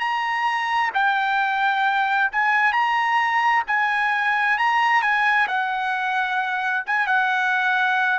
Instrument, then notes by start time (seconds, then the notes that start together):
trumpet
0.00 A#5
0.94 G5
2.32 G#5
2.73 A#5
3.68 G#5
4.58 A#5
5.02 G#5
5.48 F#5
6.87 G#5
7.07 F#5